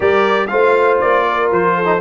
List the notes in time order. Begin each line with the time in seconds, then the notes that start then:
0.00 G3 G4 A#4 D5
0.47 A3 F4 C5 F5
1.00 A#3 D5
1.28 A#4
1.51 F3 C5
1.76 A4
1.84 D#4